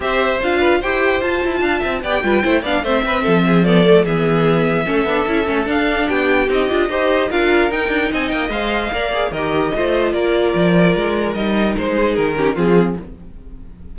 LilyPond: <<
  \new Staff \with { instrumentName = "violin" } { \time 4/4 \tempo 4 = 148 e''4 f''4 g''4 a''4~ | a''4 g''4. f''8 e''4~ | e''4 d''4 e''2~ | e''2 f''4 g''4 |
dis''2 f''4 g''4 | gis''8 g''8 f''2 dis''4~ | dis''4 d''2. | dis''4 c''4 ais'4 gis'4 | }
  \new Staff \with { instrumentName = "violin" } { \time 4/4 c''4. b'8 c''2 | f''8 e''8 d''8 b'8 c''8 d''8 c''8 b'8 | a'8 gis'8 a'4 gis'2 | a'2. g'4~ |
g'4 c''4 ais'2 | dis''2 d''4 ais'4 | c''4 ais'2.~ | ais'4. gis'4 g'8 f'4 | }
  \new Staff \with { instrumentName = "viola" } { \time 4/4 g'4 f'4 g'4 f'4~ | f'4 g'8 f'8 e'8 d'8 c'4~ | c'4 b8 a8 b2 | cis'8 d'8 e'8 cis'8 d'2 |
dis'8 f'8 g'4 f'4 dis'4~ | dis'4 c''4 ais'8 gis'8 g'4 | f'1 | dis'2~ dis'8 cis'8 c'4 | }
  \new Staff \with { instrumentName = "cello" } { \time 4/4 c'4 d'4 e'4 f'8 e'8 | d'8 c'8 b8 g8 a8 b8 a8 c'8 | f2 e2 | a8 b8 cis'8 a8 d'4 b4 |
c'8 d'8 dis'4 d'4 dis'8 d'8 | c'8 ais8 gis4 ais4 dis4 | a4 ais4 f4 gis4 | g4 gis4 dis4 f4 | }
>>